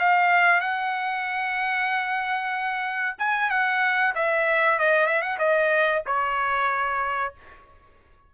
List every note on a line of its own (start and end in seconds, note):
0.00 0.61 F5
0.61 3.16 F#5
3.19 3.50 G#5
3.50 4.14 F#5
4.15 4.79 E5
4.80 5.07 D#5
5.07 5.22 E5
5.22 5.38 F#5
5.39 6.03 D#5
6.07 7.34 C#5